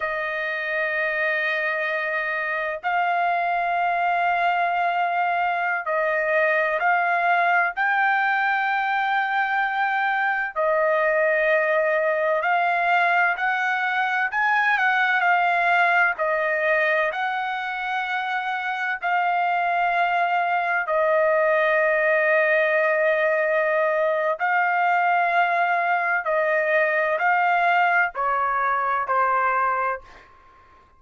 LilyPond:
\new Staff \with { instrumentName = "trumpet" } { \time 4/4 \tempo 4 = 64 dis''2. f''4~ | f''2~ f''16 dis''4 f''8.~ | f''16 g''2. dis''8.~ | dis''4~ dis''16 f''4 fis''4 gis''8 fis''16~ |
fis''16 f''4 dis''4 fis''4.~ fis''16~ | fis''16 f''2 dis''4.~ dis''16~ | dis''2 f''2 | dis''4 f''4 cis''4 c''4 | }